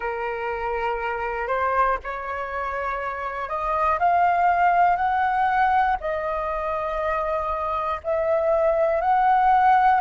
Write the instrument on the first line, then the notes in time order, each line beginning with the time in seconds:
flute
0.00 A#4
1.47 C5
2.03 C#5
3.48 D#5
3.99 F5
4.96 F#5
6.00 D#5
8.03 E5
9.00 F#5